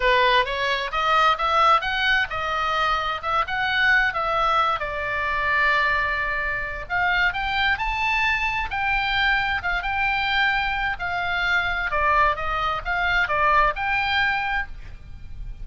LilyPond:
\new Staff \with { instrumentName = "oboe" } { \time 4/4 \tempo 4 = 131 b'4 cis''4 dis''4 e''4 | fis''4 dis''2 e''8 fis''8~ | fis''4 e''4. d''4.~ | d''2. f''4 |
g''4 a''2 g''4~ | g''4 f''8 g''2~ g''8 | f''2 d''4 dis''4 | f''4 d''4 g''2 | }